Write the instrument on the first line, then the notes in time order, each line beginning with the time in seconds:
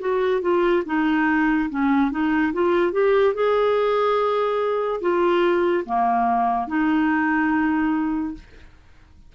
clarinet
0.00 F#4
0.42 F4
0.86 D#4
1.70 C#4
2.11 D#4
2.53 F4
2.93 G4
3.34 G#4
5.01 F4
5.86 A#3
6.68 D#4